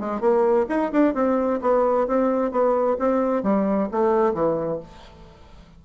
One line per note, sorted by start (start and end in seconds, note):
0.00 0.21 G#3
0.21 0.66 A#3
0.69 0.92 D#4
0.92 1.14 D4
1.14 1.60 C4
1.62 2.07 B3
2.07 2.51 C4
2.51 2.97 B3
2.99 3.43 C4
3.43 3.89 G3
3.91 4.34 A3
4.34 4.80 E3